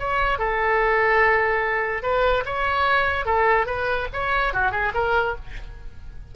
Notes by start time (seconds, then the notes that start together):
0.00 C#5
0.39 A4
2.03 B4
2.46 C#5
3.26 A4
3.67 B4
4.13 C#5
4.54 F#4
4.72 G#4
4.95 A#4